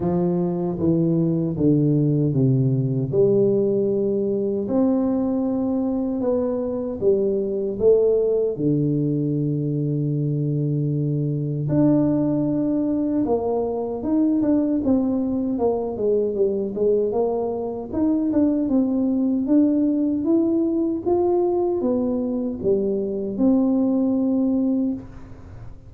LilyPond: \new Staff \with { instrumentName = "tuba" } { \time 4/4 \tempo 4 = 77 f4 e4 d4 c4 | g2 c'2 | b4 g4 a4 d4~ | d2. d'4~ |
d'4 ais4 dis'8 d'8 c'4 | ais8 gis8 g8 gis8 ais4 dis'8 d'8 | c'4 d'4 e'4 f'4 | b4 g4 c'2 | }